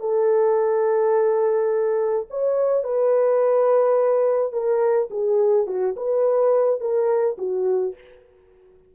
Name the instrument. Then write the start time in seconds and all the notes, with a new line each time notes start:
horn
0.00 A4
2.30 C#5
2.84 B4
4.53 A#4
5.10 G#4
5.67 F#4
5.97 B4
6.81 A#4
7.38 F#4